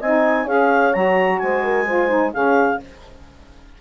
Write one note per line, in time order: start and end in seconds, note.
0.00 0.46 C4
0.00 0.47 D#4
0.00 0.44 D#5
0.00 0.47 G#5
0.44 0.93 C#4
0.44 0.93 G#4
0.44 1.37 C#5
0.44 0.93 F5
0.93 1.41 F#3
0.93 1.86 F#4
0.93 1.38 A#5
1.38 2.34 G#3
1.38 1.64 C5
1.38 2.31 G#5
1.64 1.87 A#4
1.86 2.08 F4
1.86 2.33 C5
2.08 2.31 D#4
2.33 2.80 C#3
2.33 2.80 C#4
2.33 2.80 G#4
2.33 2.80 F5